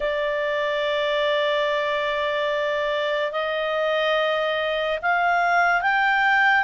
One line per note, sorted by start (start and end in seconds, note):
0.00 3.31 D5
3.31 4.98 D#5
5.02 5.81 F5
5.81 6.64 G5